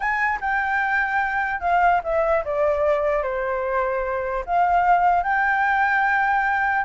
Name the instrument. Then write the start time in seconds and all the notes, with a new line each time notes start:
flute
0.00 G#5
0.40 G5
1.60 F5
2.03 E5
2.44 D5
3.22 C5
4.45 F5
5.23 G5